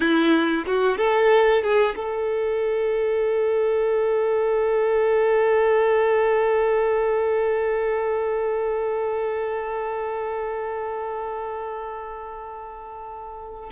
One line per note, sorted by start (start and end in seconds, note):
0.00 0.64 E4
0.66 0.97 F#4
0.97 1.62 A4
1.62 1.95 G#4
1.96 13.70 A4